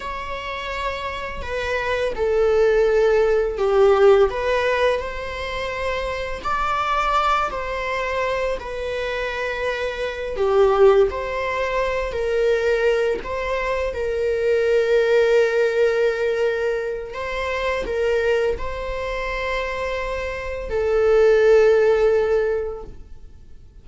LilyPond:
\new Staff \with { instrumentName = "viola" } { \time 4/4 \tempo 4 = 84 cis''2 b'4 a'4~ | a'4 g'4 b'4 c''4~ | c''4 d''4. c''4. | b'2~ b'8 g'4 c''8~ |
c''4 ais'4. c''4 ais'8~ | ais'1 | c''4 ais'4 c''2~ | c''4 a'2. | }